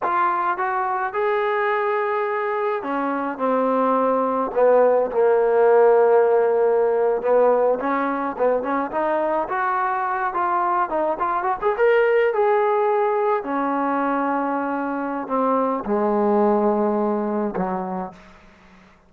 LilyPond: \new Staff \with { instrumentName = "trombone" } { \time 4/4 \tempo 4 = 106 f'4 fis'4 gis'2~ | gis'4 cis'4 c'2 | b4 ais2.~ | ais8. b4 cis'4 b8 cis'8 dis'16~ |
dis'8. fis'4. f'4 dis'8 f'16~ | f'16 fis'16 gis'16 ais'4 gis'2 cis'16~ | cis'2. c'4 | gis2. fis4 | }